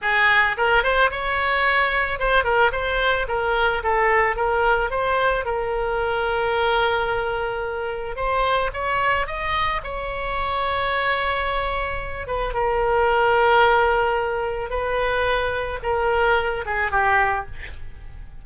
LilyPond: \new Staff \with { instrumentName = "oboe" } { \time 4/4 \tempo 4 = 110 gis'4 ais'8 c''8 cis''2 | c''8 ais'8 c''4 ais'4 a'4 | ais'4 c''4 ais'2~ | ais'2. c''4 |
cis''4 dis''4 cis''2~ | cis''2~ cis''8 b'8 ais'4~ | ais'2. b'4~ | b'4 ais'4. gis'8 g'4 | }